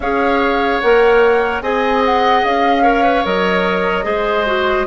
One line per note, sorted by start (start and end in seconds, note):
0.00 0.79 C#4
0.00 0.83 G#4
0.00 1.62 C#5
0.00 0.80 F5
0.80 1.61 A#3
0.80 1.63 A#4
0.80 1.61 F#5
1.61 2.42 C4
1.61 2.83 G#4
1.61 2.82 D#5
1.61 2.02 G#5
2.05 2.44 F#5
2.43 3.24 C#4
2.43 3.25 F5
2.82 3.03 A#4
2.82 4.04 C#5
3.03 3.23 B4
3.24 4.04 F#3
3.24 4.03 A#4
3.24 4.86 D#5
4.03 4.85 G#3
4.03 4.44 G#4
4.03 4.86 C5
4.46 4.86 F#4